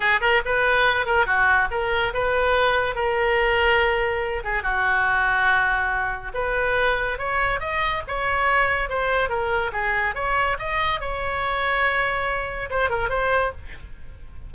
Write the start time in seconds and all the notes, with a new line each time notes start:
0.00 G#4
0.20 A#4
0.45 B4
1.06 A#4
1.26 F#4
1.71 A#4
2.13 B4
2.95 A#4
4.44 G#4
4.63 F#4
6.34 B4
7.18 C#5
7.60 D#5
8.07 C#5
8.89 C5
9.29 A#4
9.72 G#4
10.14 C#5
10.58 D#5
11.00 C#5
12.70 C5
12.89 A#4
13.09 C5